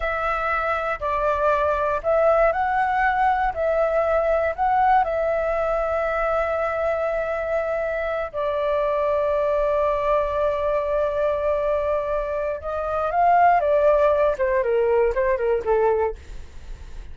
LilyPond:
\new Staff \with { instrumentName = "flute" } { \time 4/4 \tempo 4 = 119 e''2 d''2 | e''4 fis''2 e''4~ | e''4 fis''4 e''2~ | e''1~ |
e''8 d''2.~ d''8~ | d''1~ | d''4 dis''4 f''4 d''4~ | d''8 c''8 ais'4 c''8 ais'8 a'4 | }